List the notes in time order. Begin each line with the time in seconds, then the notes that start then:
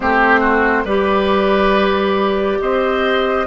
0.00 A3 C4 G4 C5
0.40 F#4
0.84 G3 G4 B4 D5
2.60 C4 C5 D#5